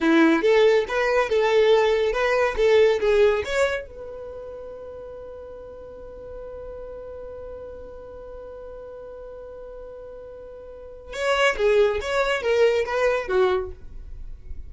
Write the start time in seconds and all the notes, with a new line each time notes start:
0.00 E4
0.42 A4
0.88 B4
1.29 A4
2.12 B4
2.57 A4
2.99 G#4
3.44 C#5
3.86 B4
11.13 C#5
11.57 G#4
12.00 C#5
12.42 A#4
12.85 B4
13.28 F#4